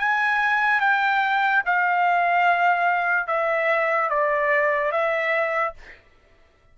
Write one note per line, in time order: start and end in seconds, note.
0.00 0.81 G#5
0.81 1.63 G5
1.66 3.28 F5
3.28 4.10 E5
4.10 4.92 D5
4.92 5.74 E5